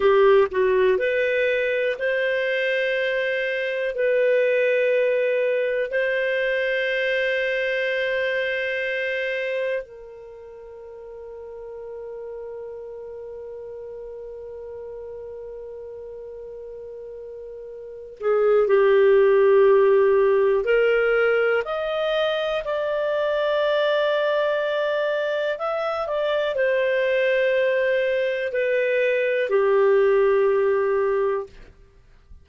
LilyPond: \new Staff \with { instrumentName = "clarinet" } { \time 4/4 \tempo 4 = 61 g'8 fis'8 b'4 c''2 | b'2 c''2~ | c''2 ais'2~ | ais'1~ |
ais'2~ ais'8 gis'8 g'4~ | g'4 ais'4 dis''4 d''4~ | d''2 e''8 d''8 c''4~ | c''4 b'4 g'2 | }